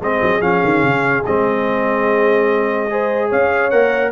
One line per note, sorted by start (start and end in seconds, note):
0.00 0.21 G#3
0.00 0.41 C4
0.00 2.88 G#4
0.00 0.41 D#5
0.22 0.42 F#3
0.41 0.62 F3
0.41 1.23 C#4
0.41 1.24 F5
0.64 0.82 D#3
0.82 1.23 C#3
1.26 3.32 G#3
1.26 2.90 C4
1.26 3.31 D#5
2.90 3.71 G#4
2.90 3.29 C5
3.29 3.73 C#4
3.29 4.11 C#5
3.29 3.70 F5
3.70 4.12 A#3
3.70 4.12 A#4
3.70 4.11 F#5